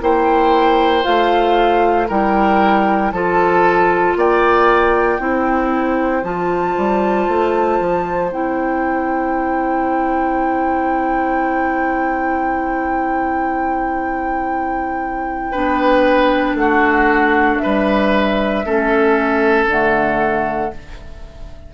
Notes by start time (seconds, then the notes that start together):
0.00 A#3 E4 C5 G5
1.02 A3 F4 F5
2.08 G3 E4 A#4 G5
3.11 F3 F4 A4 A5
4.15 A#3 D5 G5
5.19 C4 E4 C5
6.23 F3 F4 A5
6.77 G3
7.27 A3
7.80 F3
8.30 C4 E4 G5
15.51 B3 D4 B4
16.54 A3 F#5
16.60 F#4
17.58 B4 E5
17.65 G3
18.64 A3 C#4 A4
19.66 D3 A3 F#5